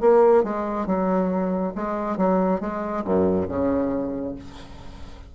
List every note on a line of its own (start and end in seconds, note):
0.00 0.43 A#3
0.43 0.86 G#3
0.86 1.73 F#3
1.75 2.17 G#3
2.17 2.60 F#3
2.60 3.04 G#3
3.04 3.48 F#2
3.48 4.35 C#3